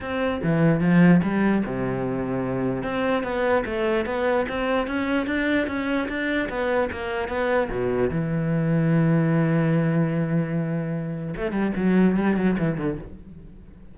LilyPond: \new Staff \with { instrumentName = "cello" } { \time 4/4 \tempo 4 = 148 c'4 e4 f4 g4 | c2. c'4 | b4 a4 b4 c'4 | cis'4 d'4 cis'4 d'4 |
b4 ais4 b4 b,4 | e1~ | e1 | a8 g8 fis4 g8 fis8 e8 d8 | }